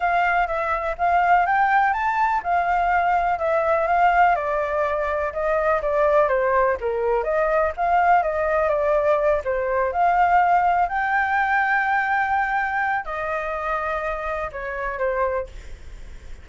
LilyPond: \new Staff \with { instrumentName = "flute" } { \time 4/4 \tempo 4 = 124 f''4 e''4 f''4 g''4 | a''4 f''2 e''4 | f''4 d''2 dis''4 | d''4 c''4 ais'4 dis''4 |
f''4 dis''4 d''4. c''8~ | c''8 f''2 g''4.~ | g''2. dis''4~ | dis''2 cis''4 c''4 | }